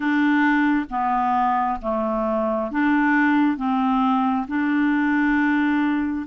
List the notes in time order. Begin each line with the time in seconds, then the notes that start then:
0.00 D4
0.90 B3
1.81 A3
2.71 D4
3.57 C4
4.47 D4